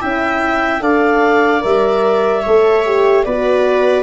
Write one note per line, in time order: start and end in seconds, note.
0.00 0.81 C#4
0.00 0.80 E4
0.00 0.82 E5
0.00 0.82 G5
0.80 1.62 D4
0.80 1.61 A4
0.80 2.42 D5
0.80 1.63 F5
1.61 2.46 G3
1.61 2.43 A#4
1.61 3.24 E5
2.42 3.26 A3
2.42 2.86 A4
2.42 3.23 C#5
2.86 3.27 G4
3.24 4.03 B3
3.24 4.03 F#4
3.24 4.03 B4
3.24 4.03 D5